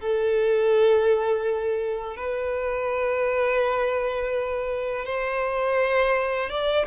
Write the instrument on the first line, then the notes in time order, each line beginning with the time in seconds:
violin
0.00 A4
2.16 B4
5.05 C5
6.49 D5